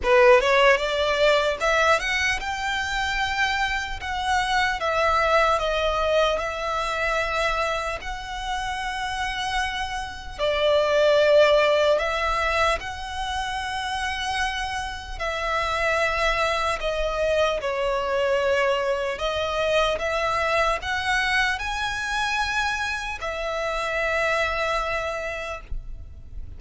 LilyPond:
\new Staff \with { instrumentName = "violin" } { \time 4/4 \tempo 4 = 75 b'8 cis''8 d''4 e''8 fis''8 g''4~ | g''4 fis''4 e''4 dis''4 | e''2 fis''2~ | fis''4 d''2 e''4 |
fis''2. e''4~ | e''4 dis''4 cis''2 | dis''4 e''4 fis''4 gis''4~ | gis''4 e''2. | }